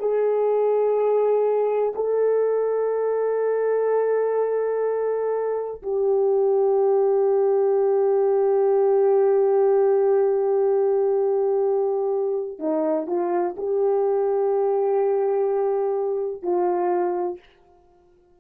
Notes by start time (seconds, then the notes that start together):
0.00 G#4
1.95 A4
5.83 G4
12.59 D#4
13.07 F4
13.57 G4
16.43 F4